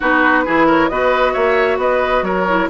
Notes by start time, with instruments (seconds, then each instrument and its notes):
0.00 bassoon B3, clarinet D#4, oboe F#4, flute B4
0.45 bassoon E3, clarinet E4, oboe G#4
0.66 oboe A#4, flute C#5
0.88 bassoon B3, clarinet F#4, oboe B4, flute D#5
1.33 bassoon A#3, oboe C#5, flute E5
1.77 bassoon B3, oboe B4, flute D#5
2.22 bassoon F#3, oboe A#4, flute C#5
2.48 clarinet E4